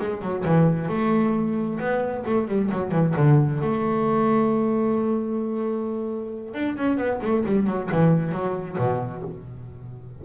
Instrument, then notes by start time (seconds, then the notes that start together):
double bass
0.00 G#3
0.22 F#3
0.45 E3
0.89 A3
1.79 B3
2.26 A3
2.48 G3
2.71 F#3
2.92 E3
3.16 D3
3.61 A3
6.54 D4
6.77 C#4
6.97 B3
7.22 A3
7.46 G3
7.67 F#3
7.92 E3
8.32 F#3
8.78 B2